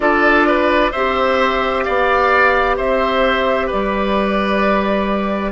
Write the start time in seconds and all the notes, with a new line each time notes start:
0.00 D4 F4 A4 D5
0.47 B4
0.91 C4 G4 C5 E5
1.83 B3 D5 F5
2.76 C4 C5 E5
3.67 G3 B4 D5